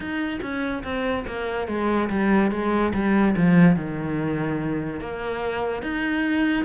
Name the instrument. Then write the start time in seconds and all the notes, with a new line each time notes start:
cello
0.00 D#4
0.41 C#4
0.83 C4
1.27 A#3
1.67 G#3
2.09 G3
2.51 G#3
2.93 G3
3.36 F3
3.76 D#3
5.00 A#3
5.82 D#4